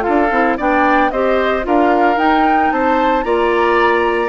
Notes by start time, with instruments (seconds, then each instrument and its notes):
0.00 clarinet F4, oboe A4, flute F5
0.08 bassoon D4
0.31 bassoon C4, clarinet E4
0.58 bassoon B3, clarinet D4, oboe D5, flute G5
1.11 bassoon C4, clarinet G4, oboe C5, flute D#5
1.63 bassoon D4, clarinet F4, oboe A#4, flute F5
2.17 clarinet D#4, bassoon D#4, flute G5
2.72 bassoon C4, oboe C5, flute A5
3.24 bassoon A#3, clarinet F4, oboe D5, flute A#5